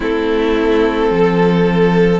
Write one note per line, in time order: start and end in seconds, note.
0.00 1.10 A3
0.00 2.19 C4
0.00 1.11 E4
0.00 2.19 A4
1.10 2.19 F3
1.10 2.19 A4